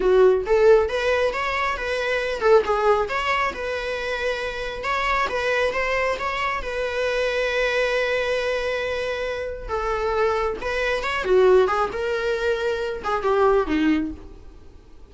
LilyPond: \new Staff \with { instrumentName = "viola" } { \time 4/4 \tempo 4 = 136 fis'4 a'4 b'4 cis''4 | b'4. a'8 gis'4 cis''4 | b'2. cis''4 | b'4 c''4 cis''4 b'4~ |
b'1~ | b'2 a'2 | b'4 cis''8 fis'4 gis'8 ais'4~ | ais'4. gis'8 g'4 dis'4 | }